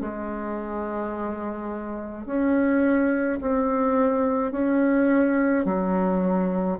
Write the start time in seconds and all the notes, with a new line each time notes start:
0.00 G#3
2.25 C#4
3.41 C4
4.52 C#4
5.65 F#3